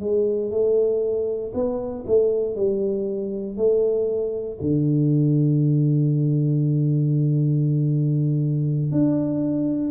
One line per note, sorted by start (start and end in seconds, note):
0.00 0.50 G#3
0.50 1.52 A3
1.53 2.04 B3
2.07 2.56 A3
2.56 3.57 G3
3.57 4.59 A3
4.61 8.91 D3
8.91 9.91 D4